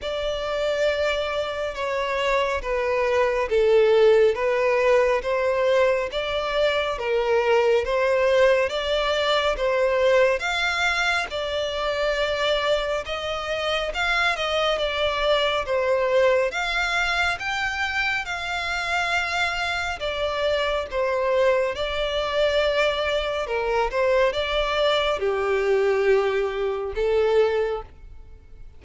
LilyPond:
\new Staff \with { instrumentName = "violin" } { \time 4/4 \tempo 4 = 69 d''2 cis''4 b'4 | a'4 b'4 c''4 d''4 | ais'4 c''4 d''4 c''4 | f''4 d''2 dis''4 |
f''8 dis''8 d''4 c''4 f''4 | g''4 f''2 d''4 | c''4 d''2 ais'8 c''8 | d''4 g'2 a'4 | }